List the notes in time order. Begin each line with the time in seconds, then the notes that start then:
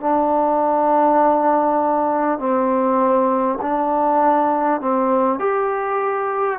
0.00 D4
2.38 C4
3.61 D4
4.80 C4
5.39 G4